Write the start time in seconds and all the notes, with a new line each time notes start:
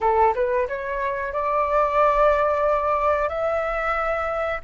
0.01 A4
0.34 B4
0.67 C#5
1.32 D5
3.28 E5